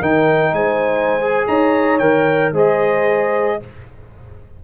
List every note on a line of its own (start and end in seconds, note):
0.00 0.53 D#3
0.00 1.21 D#4
0.00 0.53 A#4
0.00 0.54 G5
0.53 1.46 G#3
0.53 1.48 C5
0.53 1.47 G#5
1.21 2.01 G#4
1.48 2.00 D#4
1.48 2.54 C#5
1.48 1.99 A#5
1.99 2.52 D#3
1.99 2.54 A#4
1.99 2.52 G5
2.52 3.58 G#3
2.52 3.60 G#4
2.52 3.60 C5
2.52 3.64 D#5